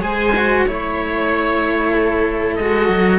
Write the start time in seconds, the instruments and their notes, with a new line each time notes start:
0.00 cello G#3 G#4, viola C5, oboe G#5
0.37 cello F#4
0.66 cello A3 E4, viola C#5, oboe C#5
1.95 viola A4
2.56 cello G#3 F#4, oboe D#5
2.89 cello F#3